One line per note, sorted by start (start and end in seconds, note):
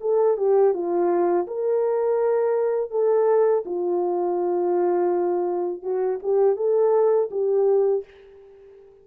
0.00 0.37 A4
0.37 0.73 G4
0.73 1.46 F4
1.47 2.90 A#4
2.90 3.64 A4
3.65 5.82 F4
5.82 6.19 F#4
6.22 6.56 G4
6.56 7.29 A4
7.31 8.04 G4